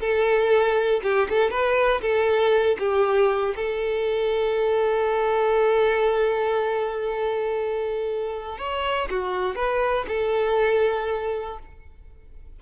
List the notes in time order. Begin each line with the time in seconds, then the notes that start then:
0.00 A4
1.03 G4
1.29 A4
1.51 B4
2.01 A4
2.79 G4
3.56 A4
8.58 C#5
9.10 F#4
9.55 B4
10.08 A4